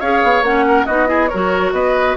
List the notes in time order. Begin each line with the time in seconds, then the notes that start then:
0.00 C#4 G#4 C#5 F5
0.23 B3
0.42 A#3 C#4 F#5
0.67 A#4
0.86 B3 D#4 F#4 D#5
1.07 E4 G#4
1.28 F#4 A#4 C#5
1.34 F#3
1.72 B3 B4 D#5